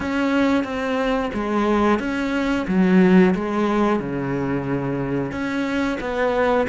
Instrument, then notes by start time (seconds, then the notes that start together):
cello
0.00 C#4
0.64 C4
1.33 G#3
1.99 C#4
2.67 F#3
3.35 G#3
3.99 C#3
5.31 C#4
6.00 B3